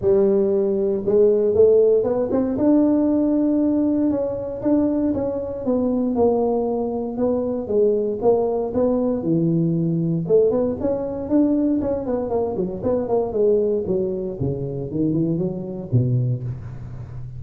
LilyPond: \new Staff \with { instrumentName = "tuba" } { \time 4/4 \tempo 4 = 117 g2 gis4 a4 | b8 c'8 d'2. | cis'4 d'4 cis'4 b4 | ais2 b4 gis4 |
ais4 b4 e2 | a8 b8 cis'4 d'4 cis'8 b8 | ais8 fis8 b8 ais8 gis4 fis4 | cis4 dis8 e8 fis4 b,4 | }